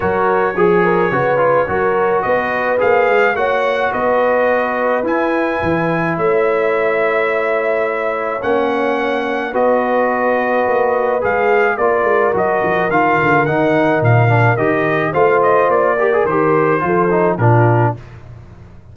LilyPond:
<<
  \new Staff \with { instrumentName = "trumpet" } { \time 4/4 \tempo 4 = 107 cis''1 | dis''4 f''4 fis''4 dis''4~ | dis''4 gis''2 e''4~ | e''2. fis''4~ |
fis''4 dis''2. | f''4 d''4 dis''4 f''4 | fis''4 f''4 dis''4 f''8 dis''8 | d''4 c''2 ais'4 | }
  \new Staff \with { instrumentName = "horn" } { \time 4/4 ais'4 gis'8 ais'8 b'4 ais'4 | b'2 cis''4 b'4~ | b'2. cis''4~ | cis''1~ |
cis''4 b'2.~ | b'4 ais'2.~ | ais'2. c''4~ | c''8 ais'4. a'4 f'4 | }
  \new Staff \with { instrumentName = "trombone" } { \time 4/4 fis'4 gis'4 fis'8 f'8 fis'4~ | fis'4 gis'4 fis'2~ | fis'4 e'2.~ | e'2. cis'4~ |
cis'4 fis'2. | gis'4 f'4 fis'4 f'4 | dis'4. d'8 g'4 f'4~ | f'8 g'16 gis'16 g'4 f'8 dis'8 d'4 | }
  \new Staff \with { instrumentName = "tuba" } { \time 4/4 fis4 f4 cis4 fis4 | b4 ais8 gis8 ais4 b4~ | b4 e'4 e4 a4~ | a2. ais4~ |
ais4 b2 ais4 | gis4 ais8 gis8 fis8 f8 dis8 d8 | dis4 ais,4 dis4 a4 | ais4 dis4 f4 ais,4 | }
>>